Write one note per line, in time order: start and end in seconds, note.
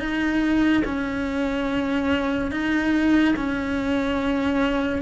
0.00 0.83 D#4
0.86 2.52 C#4
2.52 3.35 D#4
3.36 5.03 C#4